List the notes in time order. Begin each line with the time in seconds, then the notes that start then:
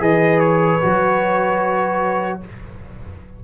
0.00 E3 G#4 B4 D#5
0.40 C#5
0.81 F#3 F#4